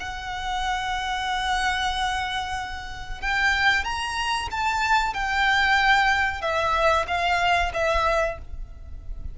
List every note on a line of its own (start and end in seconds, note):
0.00 3.21 F#5
3.21 3.84 G5
3.84 4.49 A#5
4.51 5.14 A5
5.14 6.41 G5
6.41 7.06 E5
7.07 7.72 F5
7.74 8.38 E5